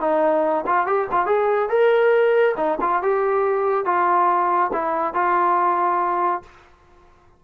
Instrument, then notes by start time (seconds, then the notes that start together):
trombone
0.00 D#4
0.66 F4
0.86 G4
1.11 F4
1.26 G#4
1.69 A#4
2.57 D#4
2.81 F4
3.02 G4
3.85 F4
4.73 E4
5.14 F4